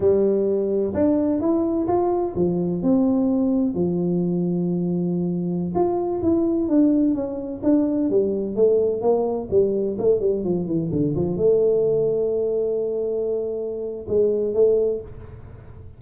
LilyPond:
\new Staff \with { instrumentName = "tuba" } { \time 4/4 \tempo 4 = 128 g2 d'4 e'4 | f'4 f4 c'2 | f1~ | f16 f'4 e'4 d'4 cis'8.~ |
cis'16 d'4 g4 a4 ais8.~ | ais16 g4 a8 g8 f8 e8 d8 f16~ | f16 a2.~ a8.~ | a2 gis4 a4 | }